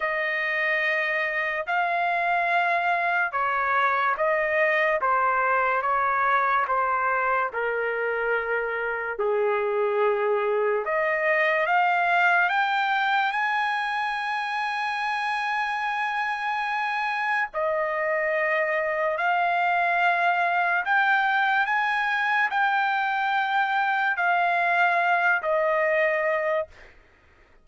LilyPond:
\new Staff \with { instrumentName = "trumpet" } { \time 4/4 \tempo 4 = 72 dis''2 f''2 | cis''4 dis''4 c''4 cis''4 | c''4 ais'2 gis'4~ | gis'4 dis''4 f''4 g''4 |
gis''1~ | gis''4 dis''2 f''4~ | f''4 g''4 gis''4 g''4~ | g''4 f''4. dis''4. | }